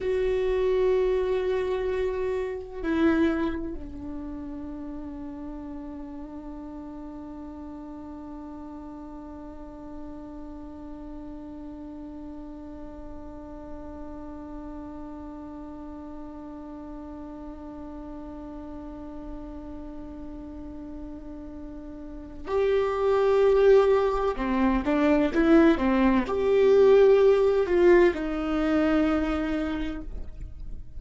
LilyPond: \new Staff \with { instrumentName = "viola" } { \time 4/4 \tempo 4 = 64 fis'2. e'4 | d'1~ | d'1~ | d'1~ |
d'1~ | d'1 | g'2 c'8 d'8 e'8 c'8 | g'4. f'8 dis'2 | }